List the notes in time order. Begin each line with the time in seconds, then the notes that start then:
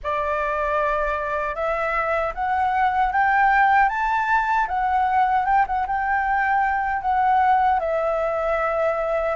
0.03 D5
1.55 E5
2.34 F#5
3.12 G5
3.89 A5
4.67 F#5
5.45 G5
5.66 F#5
5.87 G5
7.01 F#5
7.79 E5